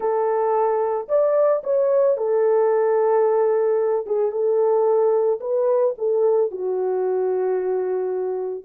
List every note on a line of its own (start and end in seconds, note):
0.00 1.08 A4
1.08 1.62 D5
1.63 2.17 C#5
2.17 4.06 A4
4.06 4.31 G#4
4.31 5.39 A4
5.40 5.94 B4
5.98 6.51 A4
6.51 8.64 F#4